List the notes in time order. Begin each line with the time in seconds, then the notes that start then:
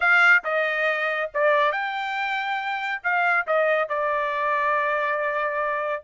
0.00 F5
0.44 D#5
1.34 D5
1.71 G5
3.03 F5
3.46 D#5
3.88 D5